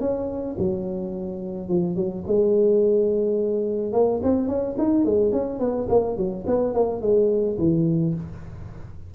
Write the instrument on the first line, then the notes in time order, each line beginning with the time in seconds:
tuba
0.00 C#4
0.58 F#3
1.68 F3
1.96 F#3
2.27 G#3
3.93 A#3
4.23 C4
4.48 C#4
4.78 D#4
5.05 G#3
5.32 C#4
5.59 B3
5.89 A#3
6.17 F#3
6.47 B3
6.73 A#3
7.01 G#3
7.58 E3